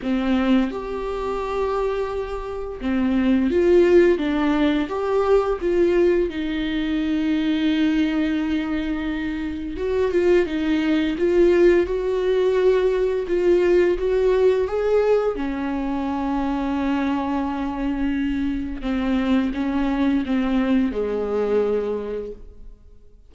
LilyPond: \new Staff \with { instrumentName = "viola" } { \time 4/4 \tempo 4 = 86 c'4 g'2. | c'4 f'4 d'4 g'4 | f'4 dis'2.~ | dis'2 fis'8 f'8 dis'4 |
f'4 fis'2 f'4 | fis'4 gis'4 cis'2~ | cis'2. c'4 | cis'4 c'4 gis2 | }